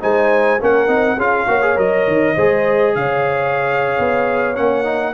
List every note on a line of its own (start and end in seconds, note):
0.00 0.61 G#3
0.00 0.59 D#4
0.00 0.59 C5
0.00 0.61 G#5
0.59 0.88 A#3
0.59 0.87 C#4
0.59 1.15 A#4
0.59 1.20 F#5
0.87 1.17 C4
0.87 1.16 D#4
1.15 1.46 C#4
1.15 1.47 F4
1.15 1.45 G#4
1.15 1.78 F5
1.47 1.77 A#3
1.47 1.62 F#4
1.47 2.34 C#5
1.62 1.75 G#4
1.75 2.06 F#3
1.75 2.34 A#4
1.75 2.95 D#5
2.07 2.36 D#3
2.34 2.95 G#3
2.34 4.55 G#4
2.34 2.93 C5
2.95 3.98 C#3
2.95 5.14 C#5
2.95 4.56 F5
3.98 4.57 B3
4.55 5.14 A#3
4.55 4.83 C#4
4.55 5.14 F#5
4.83 5.13 D#4